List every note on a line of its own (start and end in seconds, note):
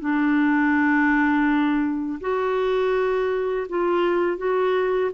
0.00 2.20 D4
2.21 3.67 F#4
3.69 4.37 F4
4.37 5.11 F#4